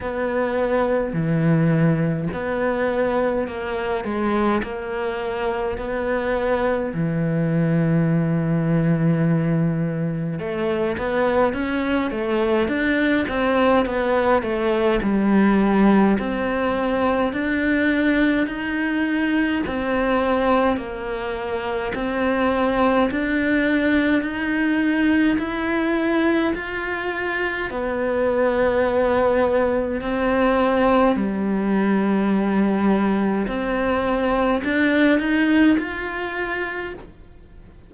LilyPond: \new Staff \with { instrumentName = "cello" } { \time 4/4 \tempo 4 = 52 b4 e4 b4 ais8 gis8 | ais4 b4 e2~ | e4 a8 b8 cis'8 a8 d'8 c'8 | b8 a8 g4 c'4 d'4 |
dis'4 c'4 ais4 c'4 | d'4 dis'4 e'4 f'4 | b2 c'4 g4~ | g4 c'4 d'8 dis'8 f'4 | }